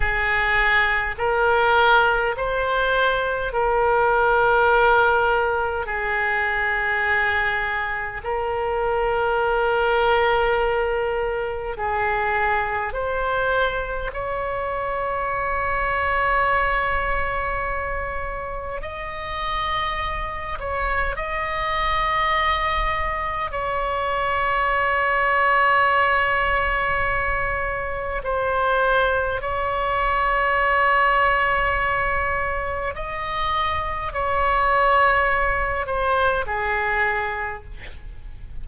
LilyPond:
\new Staff \with { instrumentName = "oboe" } { \time 4/4 \tempo 4 = 51 gis'4 ais'4 c''4 ais'4~ | ais'4 gis'2 ais'4~ | ais'2 gis'4 c''4 | cis''1 |
dis''4. cis''8 dis''2 | cis''1 | c''4 cis''2. | dis''4 cis''4. c''8 gis'4 | }